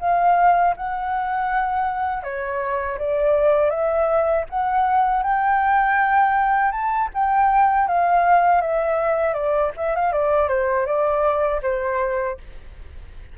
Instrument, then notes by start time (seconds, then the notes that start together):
flute
0.00 F5
0.77 F#5
2.24 C#5
2.99 D5
3.70 E5
4.50 F#5
5.23 G5
6.72 A5
7.14 G5
7.88 F5
8.62 E5
9.34 D5
9.77 E5
9.96 F5
10.13 D5
10.49 C5
10.86 D5
11.63 C5